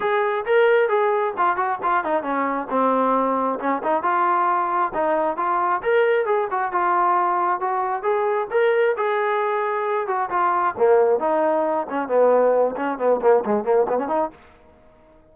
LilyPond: \new Staff \with { instrumentName = "trombone" } { \time 4/4 \tempo 4 = 134 gis'4 ais'4 gis'4 f'8 fis'8 | f'8 dis'8 cis'4 c'2 | cis'8 dis'8 f'2 dis'4 | f'4 ais'4 gis'8 fis'8 f'4~ |
f'4 fis'4 gis'4 ais'4 | gis'2~ gis'8 fis'8 f'4 | ais4 dis'4. cis'8 b4~ | b8 cis'8 b8 ais8 gis8 ais8 b16 cis'16 dis'8 | }